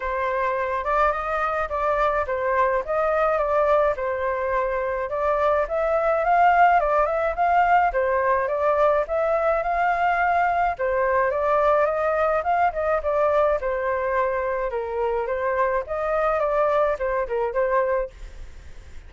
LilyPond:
\new Staff \with { instrumentName = "flute" } { \time 4/4 \tempo 4 = 106 c''4. d''8 dis''4 d''4 | c''4 dis''4 d''4 c''4~ | c''4 d''4 e''4 f''4 | d''8 e''8 f''4 c''4 d''4 |
e''4 f''2 c''4 | d''4 dis''4 f''8 dis''8 d''4 | c''2 ais'4 c''4 | dis''4 d''4 c''8 ais'8 c''4 | }